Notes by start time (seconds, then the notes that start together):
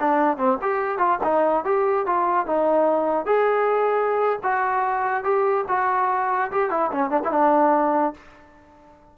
0.00 D4
0.38 C4
0.62 G4
0.98 F4
1.24 D#4
1.65 G4
2.07 F4
2.46 D#4
3.26 G#4
4.43 F#4
5.24 G4
5.69 F#4
6.52 G4
6.71 E4
6.92 C#4
7.11 D4
7.25 E4
7.31 D4